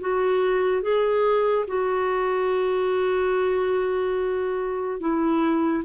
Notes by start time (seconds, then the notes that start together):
0.00 F#4
0.82 G#4
1.67 F#4
5.00 E4